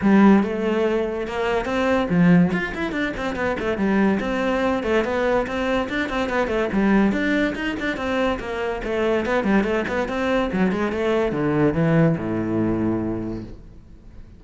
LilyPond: \new Staff \with { instrumentName = "cello" } { \time 4/4 \tempo 4 = 143 g4 a2 ais4 | c'4 f4 f'8 e'8 d'8 c'8 | b8 a8 g4 c'4. a8 | b4 c'4 d'8 c'8 b8 a8 |
g4 d'4 dis'8 d'8 c'4 | ais4 a4 b8 g8 a8 b8 | c'4 fis8 gis8 a4 d4 | e4 a,2. | }